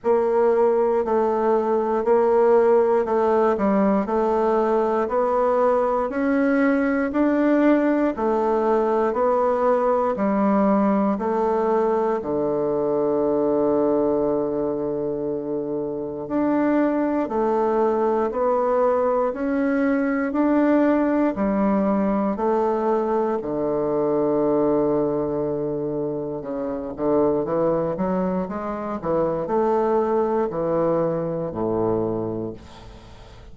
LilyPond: \new Staff \with { instrumentName = "bassoon" } { \time 4/4 \tempo 4 = 59 ais4 a4 ais4 a8 g8 | a4 b4 cis'4 d'4 | a4 b4 g4 a4 | d1 |
d'4 a4 b4 cis'4 | d'4 g4 a4 d4~ | d2 cis8 d8 e8 fis8 | gis8 e8 a4 e4 a,4 | }